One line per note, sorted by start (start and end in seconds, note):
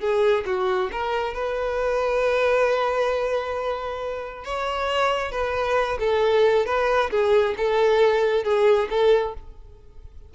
0.00 0.44 G#4
0.46 0.91 F#4
0.92 1.34 A#4
1.34 4.45 B4
4.45 5.32 C#5
5.32 5.99 B4
6.00 6.66 A4
6.66 7.11 B4
7.11 7.55 G#4
7.57 8.44 A4
8.44 8.89 G#4
8.90 9.35 A4